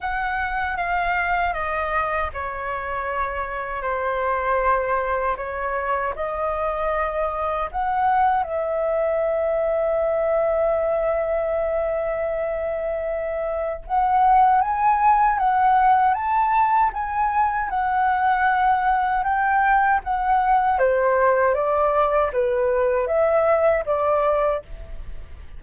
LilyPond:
\new Staff \with { instrumentName = "flute" } { \time 4/4 \tempo 4 = 78 fis''4 f''4 dis''4 cis''4~ | cis''4 c''2 cis''4 | dis''2 fis''4 e''4~ | e''1~ |
e''2 fis''4 gis''4 | fis''4 a''4 gis''4 fis''4~ | fis''4 g''4 fis''4 c''4 | d''4 b'4 e''4 d''4 | }